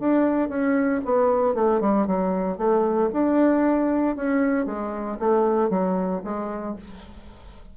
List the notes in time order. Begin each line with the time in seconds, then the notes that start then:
0.00 D4
0.49 C#4
1.05 B3
1.54 A3
1.81 G3
2.07 F#3
2.58 A3
3.13 D4
4.16 C#4
4.66 G#3
5.19 A3
5.70 F#3
6.24 G#3